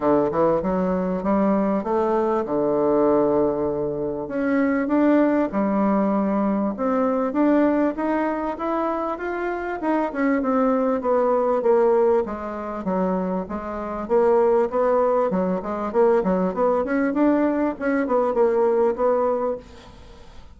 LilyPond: \new Staff \with { instrumentName = "bassoon" } { \time 4/4 \tempo 4 = 98 d8 e8 fis4 g4 a4 | d2. cis'4 | d'4 g2 c'4 | d'4 dis'4 e'4 f'4 |
dis'8 cis'8 c'4 b4 ais4 | gis4 fis4 gis4 ais4 | b4 fis8 gis8 ais8 fis8 b8 cis'8 | d'4 cis'8 b8 ais4 b4 | }